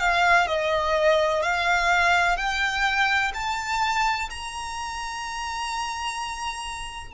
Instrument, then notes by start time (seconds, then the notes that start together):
violin
0.00 F5
0.47 D#5
1.42 F5
2.37 G5
3.34 A5
4.30 A#5